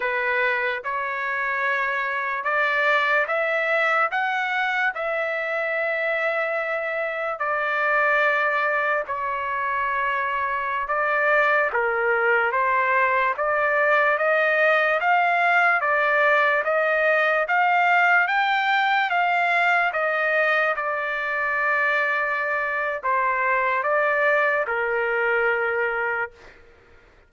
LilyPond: \new Staff \with { instrumentName = "trumpet" } { \time 4/4 \tempo 4 = 73 b'4 cis''2 d''4 | e''4 fis''4 e''2~ | e''4 d''2 cis''4~ | cis''4~ cis''16 d''4 ais'4 c''8.~ |
c''16 d''4 dis''4 f''4 d''8.~ | d''16 dis''4 f''4 g''4 f''8.~ | f''16 dis''4 d''2~ d''8. | c''4 d''4 ais'2 | }